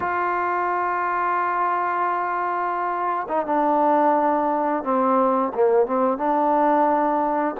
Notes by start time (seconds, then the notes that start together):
0.00 F4
3.28 D#4
3.45 D4
4.83 C4
5.54 A#3
5.86 C4
6.17 D4